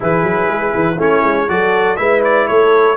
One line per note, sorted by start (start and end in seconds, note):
0.00 0.23 E3
0.00 0.95 E4
0.00 0.95 G#4
0.00 1.00 B4
0.23 0.47 F#3
0.47 0.72 G#3
0.75 0.97 E3
0.95 1.22 A3
0.95 1.48 C#4
0.95 1.44 E4
0.95 1.49 C#5
1.22 1.47 G#3
1.48 1.98 F#3
1.48 1.97 F#4
1.48 1.98 A4
1.48 1.96 D5
1.96 2.47 G#3
1.96 2.96 E4
1.96 2.47 B4
1.96 2.21 E5
2.23 2.47 D5
2.47 2.96 A3
2.47 2.96 A4
2.47 2.96 C#5